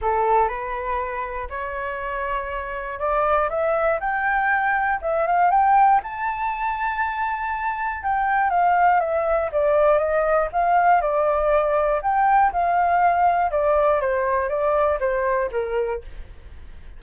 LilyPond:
\new Staff \with { instrumentName = "flute" } { \time 4/4 \tempo 4 = 120 a'4 b'2 cis''4~ | cis''2 d''4 e''4 | g''2 e''8 f''8 g''4 | a''1 |
g''4 f''4 e''4 d''4 | dis''4 f''4 d''2 | g''4 f''2 d''4 | c''4 d''4 c''4 ais'4 | }